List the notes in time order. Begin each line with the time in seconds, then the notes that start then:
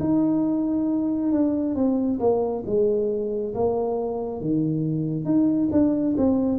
0.00 D#4
1.32 D4
1.75 C4
2.19 A#3
2.66 G#3
3.54 A#3
4.41 D#3
5.25 D#4
5.71 D4
6.17 C4